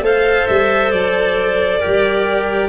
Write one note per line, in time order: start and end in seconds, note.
0.00 0.45 A3
0.00 1.80 A4
0.00 1.79 C5
0.00 0.47 F5
0.47 0.92 G3
0.47 0.91 E5
0.91 1.81 F#3
0.91 2.69 D5
1.79 2.69 G4
1.79 2.68 A#4
1.85 2.69 G3